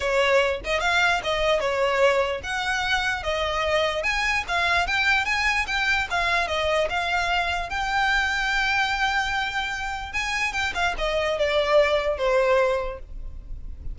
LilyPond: \new Staff \with { instrumentName = "violin" } { \time 4/4 \tempo 4 = 148 cis''4. dis''8 f''4 dis''4 | cis''2 fis''2 | dis''2 gis''4 f''4 | g''4 gis''4 g''4 f''4 |
dis''4 f''2 g''4~ | g''1~ | g''4 gis''4 g''8 f''8 dis''4 | d''2 c''2 | }